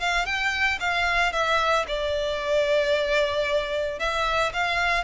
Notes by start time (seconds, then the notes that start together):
0.00 F5
0.26 G5
0.80 F5
1.32 E5
1.88 D5
3.99 E5
4.53 F5